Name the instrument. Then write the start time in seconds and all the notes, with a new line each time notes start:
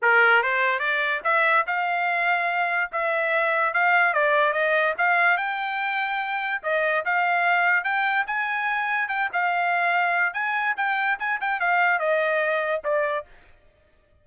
trumpet
0.02 A#4
0.42 C5
0.79 D5
1.24 E5
1.66 F5
2.92 E5
3.73 F5
4.13 D5
4.52 D#5
4.98 F5
5.37 G5
6.62 D#5
7.05 F5
7.84 G5
8.26 G#5
9.08 G5
9.32 F5
10.33 G#5
10.77 G5
11.19 G#5
11.40 G5
11.60 F5
11.99 D#5
12.84 D5